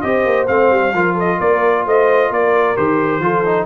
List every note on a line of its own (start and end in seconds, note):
0.00 0.25 C4
0.00 0.47 G4
0.00 0.94 C5
0.00 0.46 D#5
0.25 0.48 A#3
0.47 0.70 A3
0.47 0.93 C4
0.47 1.16 F5
0.70 0.93 G3
0.93 1.39 F3
0.93 2.76 F4
0.93 1.14 A#4
1.14 1.37 A4
1.14 1.40 D#5
1.38 1.86 A#3
1.38 1.84 A#4
1.38 1.86 D5
1.85 2.30 A3
1.85 2.30 C5
1.85 2.33 D#5
2.30 2.76 A#3
2.30 3.22 A#4
2.30 2.76 D5
2.76 3.19 D#3
2.76 3.21 G4
2.76 3.66 C5
3.19 3.65 F3
3.19 3.44 F4
3.19 3.66 A4
3.45 3.66 D#4